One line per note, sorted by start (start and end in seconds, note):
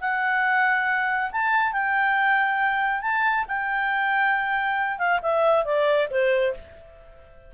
0.00 1.30 F#5
1.31 1.72 A5
1.72 3.01 G5
3.01 3.45 A5
3.48 4.98 G5
4.98 5.20 F5
5.22 5.64 E5
5.64 6.08 D5
6.10 6.54 C5